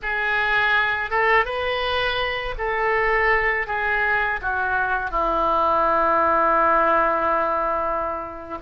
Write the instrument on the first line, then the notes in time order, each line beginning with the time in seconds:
oboe
0.02 G#4
1.10 A4
1.45 B4
2.58 A4
3.66 G#4
4.41 F#4
5.11 E4